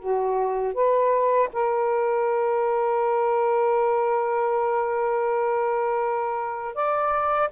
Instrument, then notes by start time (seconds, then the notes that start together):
saxophone
0.00 F#4
0.74 B4
1.53 A#4
6.75 D5